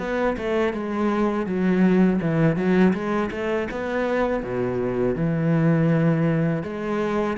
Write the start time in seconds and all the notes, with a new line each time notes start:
0.00 B3
0.38 A3
0.74 G#3
1.46 F#3
2.22 E3
2.57 F#3
2.94 G#3
3.32 A3
3.71 B3
4.43 B2
5.15 E3
6.64 G#3